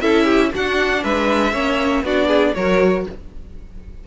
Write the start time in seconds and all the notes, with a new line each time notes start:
0.00 C#4 E4 A4 E5
0.25 G4
0.54 D4 F#4 F#5
1.03 G#3 B4 E5
1.53 A#3 C#4 C#5
2.03 B3 D4 F#4 D5
2.27 G#4
2.54 F#3 F#4 A#4 C#5